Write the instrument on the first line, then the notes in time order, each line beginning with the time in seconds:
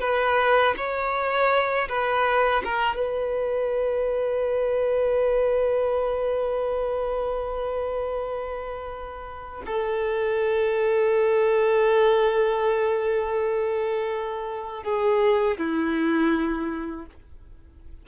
violin
0.00 B4
0.77 C#5
1.88 B4
2.64 A#4
2.96 B4
9.66 A4
14.83 G#4
15.57 E4